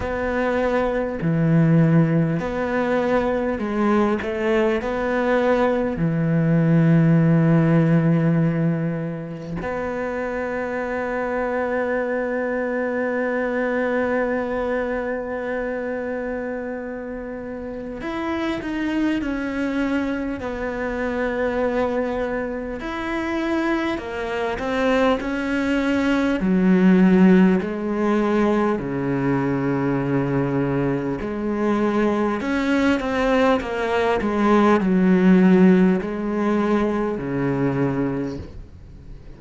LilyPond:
\new Staff \with { instrumentName = "cello" } { \time 4/4 \tempo 4 = 50 b4 e4 b4 gis8 a8 | b4 e2. | b1~ | b2. e'8 dis'8 |
cis'4 b2 e'4 | ais8 c'8 cis'4 fis4 gis4 | cis2 gis4 cis'8 c'8 | ais8 gis8 fis4 gis4 cis4 | }